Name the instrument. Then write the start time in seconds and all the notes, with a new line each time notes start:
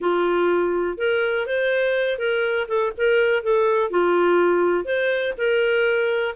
clarinet
0.00 F4
0.97 A#4
1.46 C5
2.18 A#4
2.68 A4
2.97 A#4
3.43 A4
3.90 F4
4.84 C5
5.37 A#4